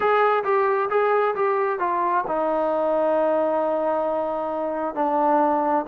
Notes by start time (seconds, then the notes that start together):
0.00 G#4
0.44 G4
0.89 G#4
1.35 G4
1.79 F4
2.27 D#4
4.94 D4